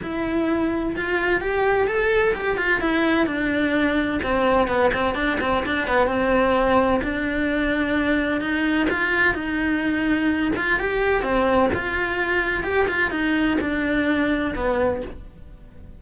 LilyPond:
\new Staff \with { instrumentName = "cello" } { \time 4/4 \tempo 4 = 128 e'2 f'4 g'4 | a'4 g'8 f'8 e'4 d'4~ | d'4 c'4 b8 c'8 d'8 c'8 | d'8 b8 c'2 d'4~ |
d'2 dis'4 f'4 | dis'2~ dis'8 f'8 g'4 | c'4 f'2 g'8 f'8 | dis'4 d'2 b4 | }